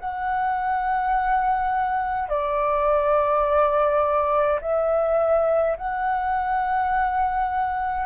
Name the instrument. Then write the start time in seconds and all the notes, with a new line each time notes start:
flute
0.00 F#5
2.29 D5
4.62 E5
5.78 F#5